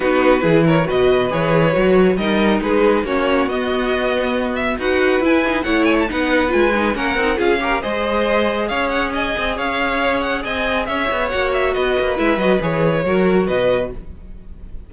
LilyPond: <<
  \new Staff \with { instrumentName = "violin" } { \time 4/4 \tempo 4 = 138 b'4. cis''8 dis''4 cis''4~ | cis''4 dis''4 b'4 cis''4 | dis''2~ dis''8 e''8 fis''4 | gis''4 fis''8 gis''16 a''16 fis''4 gis''4 |
fis''4 f''4 dis''2 | f''8 fis''8 gis''4 f''4. fis''8 | gis''4 e''4 fis''8 e''8 dis''4 | e''8 dis''8 cis''2 dis''4 | }
  \new Staff \with { instrumentName = "violin" } { \time 4/4 fis'4 gis'8 ais'8 b'2~ | b'4 ais'4 gis'4 fis'4~ | fis'2. b'4~ | b'4 cis''4 b'2 |
ais'4 gis'8 ais'8 c''2 | cis''4 dis''4 cis''2 | dis''4 cis''2 b'4~ | b'2 ais'4 b'4 | }
  \new Staff \with { instrumentName = "viola" } { \time 4/4 dis'4 e'4 fis'4 gis'4 | fis'4 dis'2 cis'4 | b2. fis'4 | e'8 dis'8 e'4 dis'4 f'8 dis'8 |
cis'8 dis'8 f'8 g'8 gis'2~ | gis'1~ | gis'2 fis'2 | e'8 fis'8 gis'4 fis'2 | }
  \new Staff \with { instrumentName = "cello" } { \time 4/4 b4 e4 b,4 e4 | fis4 g4 gis4 ais4 | b2. dis'4 | e'4 a4 b4 gis4 |
ais8 c'8 cis'4 gis2 | cis'4. c'8 cis'2 | c'4 cis'8 b8 ais4 b8 ais8 | gis8 fis8 e4 fis4 b,4 | }
>>